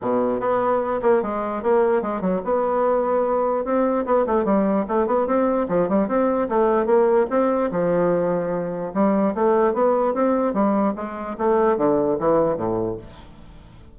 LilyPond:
\new Staff \with { instrumentName = "bassoon" } { \time 4/4 \tempo 4 = 148 b,4 b4. ais8 gis4 | ais4 gis8 fis8 b2~ | b4 c'4 b8 a8 g4 | a8 b8 c'4 f8 g8 c'4 |
a4 ais4 c'4 f4~ | f2 g4 a4 | b4 c'4 g4 gis4 | a4 d4 e4 a,4 | }